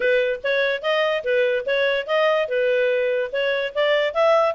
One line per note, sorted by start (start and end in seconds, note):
0.00 0.40 B4
0.43 0.82 C#5
0.82 1.23 D#5
1.24 1.65 B4
1.66 2.07 C#5
2.07 2.48 D#5
2.48 3.31 B4
3.32 3.73 C#5
3.74 4.14 D5
4.14 4.55 E5